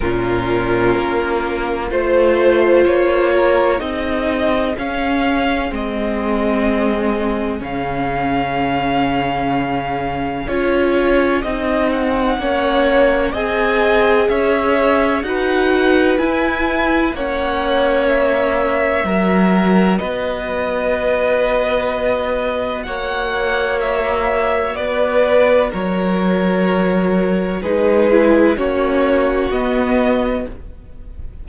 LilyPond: <<
  \new Staff \with { instrumentName = "violin" } { \time 4/4 \tempo 4 = 63 ais'2 c''4 cis''4 | dis''4 f''4 dis''2 | f''2. cis''4 | dis''8 fis''4. gis''4 e''4 |
fis''4 gis''4 fis''4 e''4~ | e''4 dis''2. | fis''4 e''4 d''4 cis''4~ | cis''4 b'4 cis''4 dis''4 | }
  \new Staff \with { instrumentName = "violin" } { \time 4/4 f'2 c''4. ais'8 | gis'1~ | gis'1~ | gis'4 cis''4 dis''4 cis''4 |
b'2 cis''2 | ais'4 b'2. | cis''2 b'4 ais'4~ | ais'4 gis'4 fis'2 | }
  \new Staff \with { instrumentName = "viola" } { \time 4/4 cis'2 f'2 | dis'4 cis'4 c'2 | cis'2. f'4 | dis'4 cis'4 gis'2 |
fis'4 e'4 cis'2 | fis'1~ | fis'1~ | fis'4 dis'8 e'8 cis'4 b4 | }
  \new Staff \with { instrumentName = "cello" } { \time 4/4 ais,4 ais4 a4 ais4 | c'4 cis'4 gis2 | cis2. cis'4 | c'4 ais4 c'4 cis'4 |
dis'4 e'4 ais2 | fis4 b2. | ais2 b4 fis4~ | fis4 gis4 ais4 b4 | }
>>